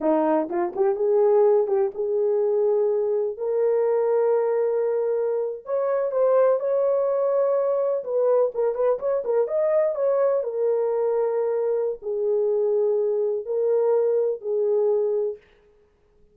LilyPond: \new Staff \with { instrumentName = "horn" } { \time 4/4 \tempo 4 = 125 dis'4 f'8 g'8 gis'4. g'8 | gis'2. ais'4~ | ais'2.~ ais'8. cis''16~ | cis''8. c''4 cis''2~ cis''16~ |
cis''8. b'4 ais'8 b'8 cis''8 ais'8 dis''16~ | dis''8. cis''4 ais'2~ ais'16~ | ais'4 gis'2. | ais'2 gis'2 | }